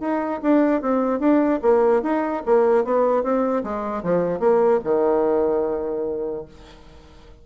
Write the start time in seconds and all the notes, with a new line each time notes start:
0.00 D#4
0.42 D4
0.82 C4
1.20 D4
1.62 A#3
2.02 D#4
2.45 A#3
2.85 B3
3.23 C4
3.64 G#3
4.03 F3
4.40 A#3
4.84 D#3